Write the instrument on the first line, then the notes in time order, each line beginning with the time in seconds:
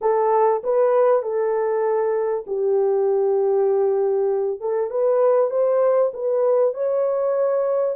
horn
0.01 A4
0.63 B4
1.22 A4
2.47 G4
4.60 A4
4.90 B4
5.50 C5
6.13 B4
6.73 C#5